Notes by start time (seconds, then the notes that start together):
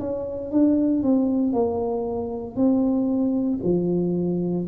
0.00 C#4
0.52 D4
1.03 C4
1.53 A#3
2.56 C4
3.64 F3